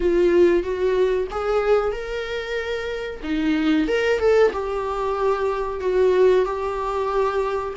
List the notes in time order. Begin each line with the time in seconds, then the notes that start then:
0.00 F4
0.63 F#4
1.30 G#4
1.91 A#4
3.23 D#4
3.87 A#4
4.19 A4
4.52 G4
5.80 F#4
6.45 G4